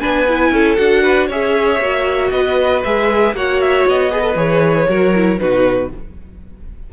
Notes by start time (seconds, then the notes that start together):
0.00 B3 D4 B4 G#5
0.28 E4
0.51 C#4 A4
0.76 D4 F#4 F#5
1.03 B4
1.27 C#4 G#4 C#5 E5
1.79 A#3 F#4
2.31 B3 B4 D#5
2.84 G#3 G#4 E5
3.33 A#3 F#4 C#5 F#5
3.61 E5
3.87 B3 D#5
4.11 G#4 B4
4.21 A4
4.35 E3 G#4 C#5
4.88 F#3 F#4 A#4
5.14 E4
5.38 B2 D#4 F#4 B4